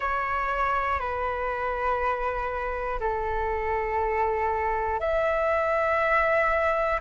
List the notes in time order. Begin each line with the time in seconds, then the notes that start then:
0.00 C#5
0.99 B4
3.00 A4
5.00 E5